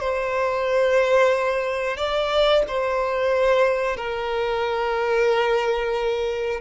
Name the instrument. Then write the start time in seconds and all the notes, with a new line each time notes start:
violin
0.00 C5
1.97 D5
2.68 C5
3.97 A#4